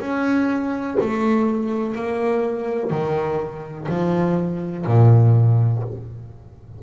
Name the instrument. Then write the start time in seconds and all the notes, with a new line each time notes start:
double bass
0.00 C#4
1.00 A3
1.95 A#3
2.90 D#3
3.88 F3
4.86 A#2